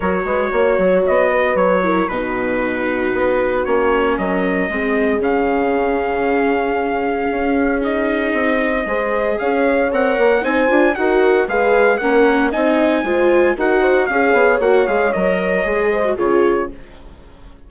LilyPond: <<
  \new Staff \with { instrumentName = "trumpet" } { \time 4/4 \tempo 4 = 115 cis''2 dis''4 cis''4 | b'2. cis''4 | dis''2 f''2~ | f''2. dis''4~ |
dis''2 f''4 fis''4 | gis''4 fis''4 f''4 fis''4 | gis''2 fis''4 f''4 | fis''8 f''8 dis''2 cis''4 | }
  \new Staff \with { instrumentName = "horn" } { \time 4/4 ais'8 b'8 cis''4. b'4 ais'8 | fis'1 | ais'4 gis'2.~ | gis'1~ |
gis'4 c''4 cis''2 | c''4 ais'4 b'4 ais'4 | dis''4 c''4 ais'8 c''8 cis''4~ | cis''2~ cis''8 c''8 gis'4 | }
  \new Staff \with { instrumentName = "viola" } { \time 4/4 fis'2.~ fis'8 e'8 | dis'2. cis'4~ | cis'4 c'4 cis'2~ | cis'2. dis'4~ |
dis'4 gis'2 ais'4 | dis'8 f'8 fis'4 gis'4 cis'4 | dis'4 f'4 fis'4 gis'4 | fis'8 gis'8 ais'4 gis'8. fis'16 f'4 | }
  \new Staff \with { instrumentName = "bassoon" } { \time 4/4 fis8 gis8 ais8 fis8 b4 fis4 | b,2 b4 ais4 | fis4 gis4 cis2~ | cis2 cis'2 |
c'4 gis4 cis'4 c'8 ais8 | c'8 d'8 dis'4 gis4 ais4 | c'4 gis4 dis'4 cis'8 b8 | ais8 gis8 fis4 gis4 cis4 | }
>>